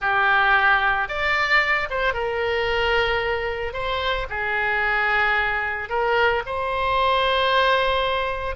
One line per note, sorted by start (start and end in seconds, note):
0.01 1.08 G4
1.08 1.88 D5
1.89 2.13 C5
2.13 3.73 A#4
3.73 4.26 C5
4.29 5.89 G#4
5.89 6.42 A#4
6.46 8.55 C5